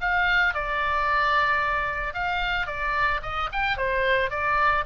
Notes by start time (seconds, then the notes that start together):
0.00 F5
0.54 D5
2.14 F5
2.66 D5
3.22 D#5
3.52 G5
3.76 C5
4.30 D5